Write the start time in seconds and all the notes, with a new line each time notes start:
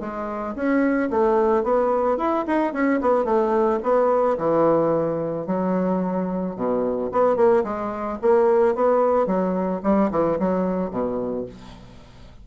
0.00 G#3
0.55 C#4
1.10 A3
1.63 B3
2.17 E4
2.46 D#4
2.73 C#4
3.00 B3
3.24 A3
3.83 B3
4.37 E3
5.46 F#3
6.56 B2
7.12 B3
7.36 A#3
7.63 G#3
8.21 A#3
8.75 B3
9.26 F#3
9.83 G3
10.11 E3
10.39 F#3
10.90 B2